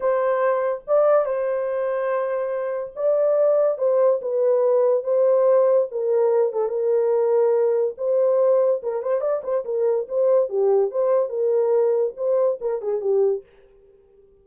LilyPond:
\new Staff \with { instrumentName = "horn" } { \time 4/4 \tempo 4 = 143 c''2 d''4 c''4~ | c''2. d''4~ | d''4 c''4 b'2 | c''2 ais'4. a'8 |
ais'2. c''4~ | c''4 ais'8 c''8 d''8 c''8 ais'4 | c''4 g'4 c''4 ais'4~ | ais'4 c''4 ais'8 gis'8 g'4 | }